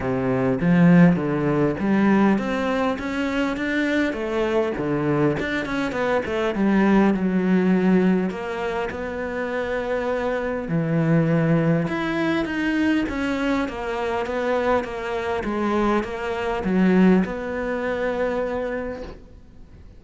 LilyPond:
\new Staff \with { instrumentName = "cello" } { \time 4/4 \tempo 4 = 101 c4 f4 d4 g4 | c'4 cis'4 d'4 a4 | d4 d'8 cis'8 b8 a8 g4 | fis2 ais4 b4~ |
b2 e2 | e'4 dis'4 cis'4 ais4 | b4 ais4 gis4 ais4 | fis4 b2. | }